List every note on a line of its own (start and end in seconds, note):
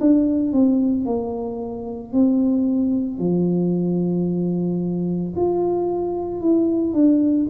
0.00 0.53 D4
0.53 1.05 C4
1.05 2.12 A#3
2.12 3.19 C4
3.19 5.33 F3
5.36 6.41 F4
6.41 6.94 E4
6.94 7.47 D4